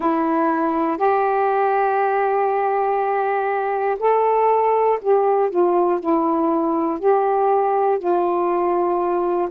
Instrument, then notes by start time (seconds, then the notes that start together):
saxophone
0.00 E4
0.97 G4
3.99 A4
5.01 G4
5.50 F4
6.00 E4
6.99 G4
7.98 F4